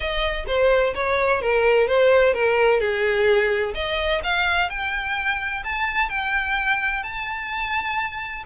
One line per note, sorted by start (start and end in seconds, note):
0.00 0.44 D#5
0.47 0.94 C5
0.94 1.41 C#5
1.41 1.87 A#4
1.87 2.33 C5
2.33 2.80 A#4
2.80 3.74 G#4
3.74 4.21 D#5
4.23 4.69 F5
4.69 5.63 G5
5.64 6.09 A5
6.09 7.03 G5
7.03 8.43 A5